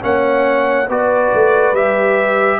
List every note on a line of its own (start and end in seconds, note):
0.00 0.88 A#3
0.00 0.86 C#4
0.00 0.88 C#5
0.00 0.89 F#5
0.88 1.31 B3
0.88 1.75 F#4
0.88 2.59 B4
0.88 1.75 D5
1.33 1.72 A3
1.72 2.58 G3
1.72 2.59 G4
1.72 2.59 E5